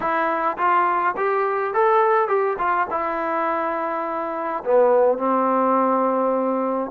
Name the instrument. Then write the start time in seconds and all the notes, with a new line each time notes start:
trombone
0.00 E4
0.57 F4
1.16 G4
1.73 A4
2.27 G4
2.58 F4
2.90 E4
4.64 B3
5.18 C4